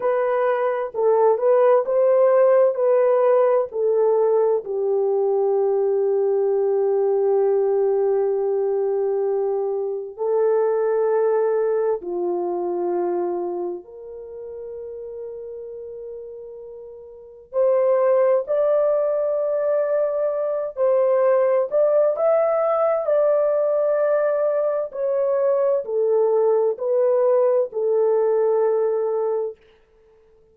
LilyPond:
\new Staff \with { instrumentName = "horn" } { \time 4/4 \tempo 4 = 65 b'4 a'8 b'8 c''4 b'4 | a'4 g'2.~ | g'2. a'4~ | a'4 f'2 ais'4~ |
ais'2. c''4 | d''2~ d''8 c''4 d''8 | e''4 d''2 cis''4 | a'4 b'4 a'2 | }